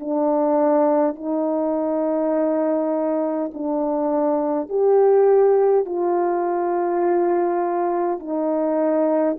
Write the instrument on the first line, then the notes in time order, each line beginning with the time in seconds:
horn
0.00 D4
1.16 D#4
3.55 D4
4.70 G4
5.86 F4
8.20 D#4